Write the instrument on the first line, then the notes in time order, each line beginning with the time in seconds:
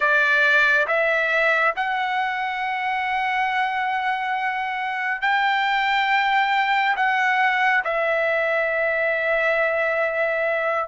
trumpet
0.00 D5
0.87 E5
1.75 F#5
5.21 G5
6.96 F#5
7.84 E5